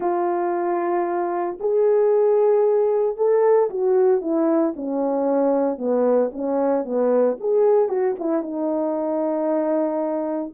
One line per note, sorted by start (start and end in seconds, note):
0.00 1.58 F4
1.59 3.17 G#4
3.17 3.69 A4
3.69 4.21 F#4
4.21 4.73 E4
4.75 5.78 C#4
5.78 6.30 B3
6.32 6.84 C#4
6.84 7.37 B3
7.39 7.89 G#4
7.89 8.15 F#4
8.19 8.42 E4
8.42 10.53 D#4